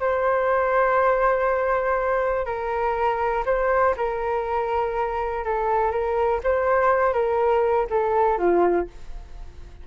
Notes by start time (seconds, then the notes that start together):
0.00 C5
2.46 A#4
3.46 C5
3.97 A#4
5.45 A4
5.91 A#4
6.44 C5
7.13 A#4
7.90 A4
8.38 F4